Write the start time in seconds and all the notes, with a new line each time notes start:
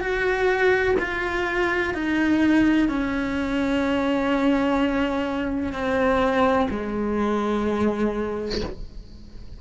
0.00 F#4
0.99 F4
1.94 D#4
2.88 C#4
5.72 C4
6.70 G#3